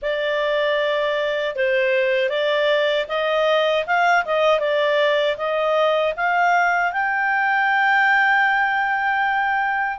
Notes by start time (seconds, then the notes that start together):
0.02 D5
1.55 C5
2.29 D5
3.08 D#5
3.86 F5
4.25 D#5
4.59 D5
5.37 D#5
6.16 F5
6.92 G5